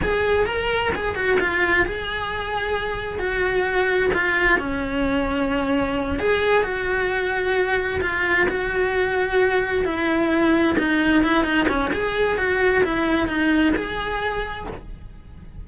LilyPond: \new Staff \with { instrumentName = "cello" } { \time 4/4 \tempo 4 = 131 gis'4 ais'4 gis'8 fis'8 f'4 | gis'2. fis'4~ | fis'4 f'4 cis'2~ | cis'4. gis'4 fis'4.~ |
fis'4. f'4 fis'4.~ | fis'4. e'2 dis'8~ | dis'8 e'8 dis'8 cis'8 gis'4 fis'4 | e'4 dis'4 gis'2 | }